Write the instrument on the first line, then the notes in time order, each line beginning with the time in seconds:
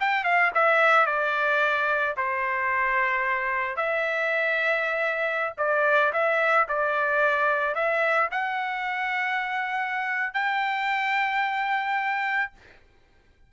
trumpet
0.00 G5
0.24 F5
0.54 E5
1.06 D5
2.17 C5
3.76 E5
5.58 D5
6.13 E5
6.68 D5
7.75 E5
8.31 F#5
10.34 G5